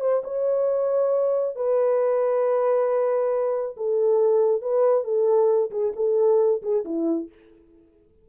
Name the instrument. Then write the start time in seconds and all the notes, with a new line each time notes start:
horn
0.00 C5
0.24 C#5
1.55 B4
3.77 A4
4.61 B4
5.04 A4
5.71 G#4
5.95 A4
6.62 G#4
6.84 E4